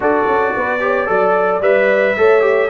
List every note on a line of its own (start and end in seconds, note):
0.00 0.26 D4
0.00 0.80 F#4
0.00 0.55 A4
0.00 1.62 D5
0.26 0.53 C#4
0.55 1.08 B3
0.55 0.82 B4
0.80 1.06 G4
0.80 1.09 C#5
1.06 1.61 F#3
1.06 1.60 A4
1.06 2.17 D5
1.61 2.15 G3
1.61 2.16 B4
1.61 2.69 E5
2.17 2.69 A3
2.17 2.41 A4
2.17 2.69 C#5
2.41 2.68 G4